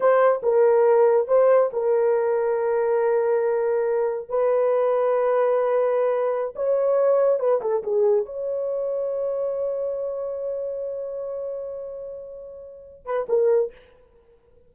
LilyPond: \new Staff \with { instrumentName = "horn" } { \time 4/4 \tempo 4 = 140 c''4 ais'2 c''4 | ais'1~ | ais'2 b'2~ | b'2.~ b'16 cis''8.~ |
cis''4~ cis''16 b'8 a'8 gis'4 cis''8.~ | cis''1~ | cis''1~ | cis''2~ cis''8 b'8 ais'4 | }